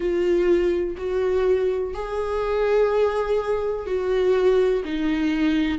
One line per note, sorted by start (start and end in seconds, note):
0.00 0.95 F4
0.97 1.94 F#4
1.94 3.86 G#4
3.86 4.83 F#4
4.84 5.78 D#4